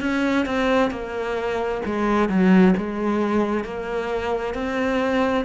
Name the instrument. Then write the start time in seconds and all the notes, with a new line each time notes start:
cello
0.00 C#4
0.45 C4
0.90 A#3
1.85 G#3
2.29 F#3
2.76 G#3
3.64 A#3
4.54 C4